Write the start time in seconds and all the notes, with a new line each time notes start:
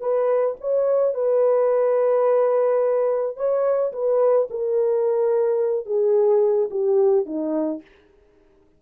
0.00 B4
0.61 C#5
1.14 B4
3.37 C#5
3.92 B4
4.50 A#4
5.86 G#4
6.70 G4
7.26 D#4